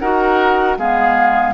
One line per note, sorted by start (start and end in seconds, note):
0.00 0.78 D#4
0.00 0.79 F#4
0.00 0.78 A#4
0.00 0.77 F#5
0.78 1.55 G#3
0.78 1.55 B3
0.78 1.55 G#4
0.78 1.55 F5